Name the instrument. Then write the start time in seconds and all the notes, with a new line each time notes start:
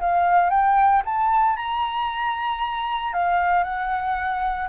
flute
0.00 F5
0.50 G5
1.05 A5
1.57 A#5
3.13 F5
3.64 F#5